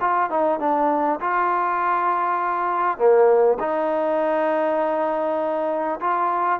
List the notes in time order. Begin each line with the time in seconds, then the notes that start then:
0.00 F4
0.29 D#4
0.59 D4
1.20 F4
2.98 A#3
3.59 D#4
6.00 F4